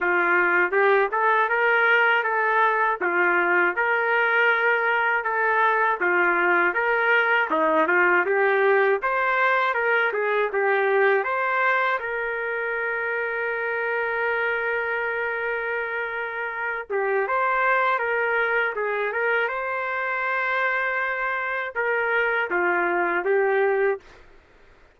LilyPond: \new Staff \with { instrumentName = "trumpet" } { \time 4/4 \tempo 4 = 80 f'4 g'8 a'8 ais'4 a'4 | f'4 ais'2 a'4 | f'4 ais'4 dis'8 f'8 g'4 | c''4 ais'8 gis'8 g'4 c''4 |
ais'1~ | ais'2~ ais'8 g'8 c''4 | ais'4 gis'8 ais'8 c''2~ | c''4 ais'4 f'4 g'4 | }